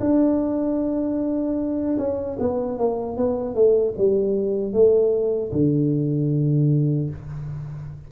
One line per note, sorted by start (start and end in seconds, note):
0.00 1.97 D4
1.98 2.37 C#4
2.39 2.78 B3
2.78 3.17 A#3
3.17 3.55 B3
3.55 3.94 A3
3.98 4.73 G3
4.73 5.52 A3
5.52 7.10 D3